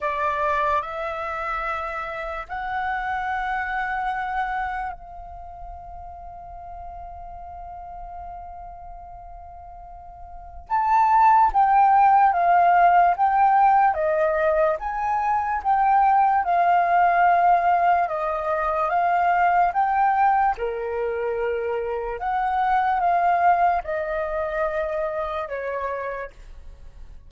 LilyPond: \new Staff \with { instrumentName = "flute" } { \time 4/4 \tempo 4 = 73 d''4 e''2 fis''4~ | fis''2 f''2~ | f''1~ | f''4 a''4 g''4 f''4 |
g''4 dis''4 gis''4 g''4 | f''2 dis''4 f''4 | g''4 ais'2 fis''4 | f''4 dis''2 cis''4 | }